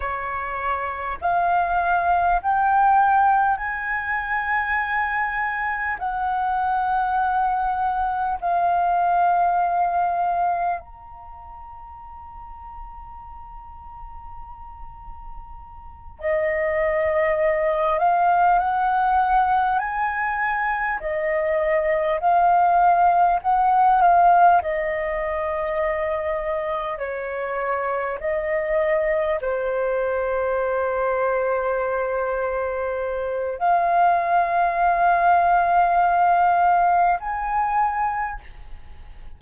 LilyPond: \new Staff \with { instrumentName = "flute" } { \time 4/4 \tempo 4 = 50 cis''4 f''4 g''4 gis''4~ | gis''4 fis''2 f''4~ | f''4 ais''2.~ | ais''4. dis''4. f''8 fis''8~ |
fis''8 gis''4 dis''4 f''4 fis''8 | f''8 dis''2 cis''4 dis''8~ | dis''8 c''2.~ c''8 | f''2. gis''4 | }